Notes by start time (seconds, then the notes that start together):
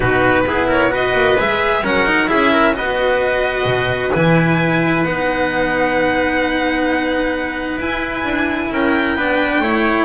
0.00 B2 D#4 F#4 B4
0.46 B3 E4 G#4
0.67 A#4 C#5
0.90 F#4 B4 D#5
1.13 A#3
1.37 G#3 G#4 E5
1.83 F#3 C#4 A#4 F#5
2.06 D#4
2.27 C#4 E4 G#4 E5
2.52 A#4
2.73 B3 F#4 B4 D#5
3.65 B2
4.13 E3 E4 G#5
5.04 B3 D#4 F#5
7.77 E4 G#5
8.23 D4
8.70 C#4 A#4 G5
9.15 B3 D4 B4
9.59 A3 E4 C#5